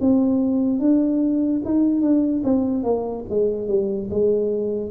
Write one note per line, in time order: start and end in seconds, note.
0.00 0.79 C4
0.79 1.61 D4
1.64 2.01 D#4
2.01 2.42 D4
2.44 2.83 C4
2.83 3.24 A#3
3.29 3.67 G#3
3.67 4.08 G3
4.10 4.91 G#3